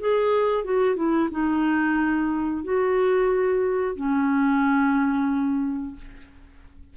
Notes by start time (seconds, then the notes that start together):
0.00 G#4
0.65 F#4
0.96 E4
1.31 D#4
2.64 F#4
3.96 C#4